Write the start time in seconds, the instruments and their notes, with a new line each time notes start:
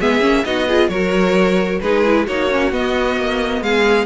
0.00 cello G#3, viola B3, violin G#4 E5
0.21 cello A#3, viola C#4
0.45 cello B3, viola D#4, violin F#4 D#5
0.68 viola F4, violin G#4
0.89 cello F#3, viola F#4, violin A#4 C#5
1.81 cello G#3, viola D#4, violin G#4 B4
2.05 viola E4
2.27 cello A#3, viola D#4, violin F#4 C#5
2.52 viola C#4
2.72 viola B3, cello B3, violin D#5
3.17 cello A#3
3.62 cello G#3, violin G#4 F5